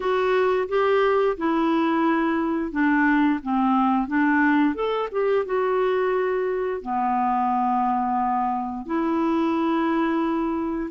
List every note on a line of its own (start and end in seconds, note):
0.00 0.68 F#4
0.68 1.36 G4
1.37 2.71 E4
2.71 3.39 D4
3.42 4.07 C4
4.07 4.74 D4
4.74 5.08 A4
5.11 5.45 G4
5.45 6.82 F#4
6.82 8.85 B3
8.85 10.90 E4